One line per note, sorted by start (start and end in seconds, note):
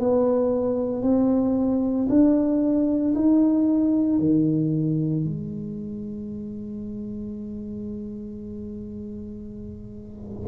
0.00 1.02 B3
1.02 2.07 C4
2.09 3.14 D4
3.15 4.19 D#4
4.19 5.24 D#3
5.24 10.48 G#3